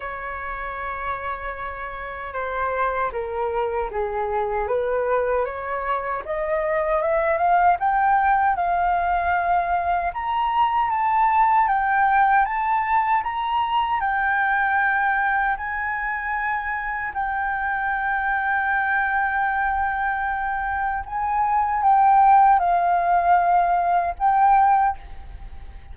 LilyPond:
\new Staff \with { instrumentName = "flute" } { \time 4/4 \tempo 4 = 77 cis''2. c''4 | ais'4 gis'4 b'4 cis''4 | dis''4 e''8 f''8 g''4 f''4~ | f''4 ais''4 a''4 g''4 |
a''4 ais''4 g''2 | gis''2 g''2~ | g''2. gis''4 | g''4 f''2 g''4 | }